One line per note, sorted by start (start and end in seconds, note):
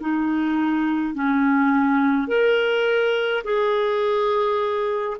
0.00 1.14 D#4
1.14 2.27 C#4
2.27 3.42 A#4
3.44 5.17 G#4